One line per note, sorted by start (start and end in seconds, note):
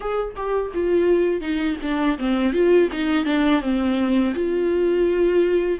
0.00 0.34 G#4
0.35 0.72 G4
0.74 1.40 F4
1.40 1.76 D#4
1.81 2.18 D4
2.18 2.52 C4
2.52 2.88 F4
2.91 3.25 D#4
3.25 3.61 D4
3.61 4.34 C4
4.34 5.78 F4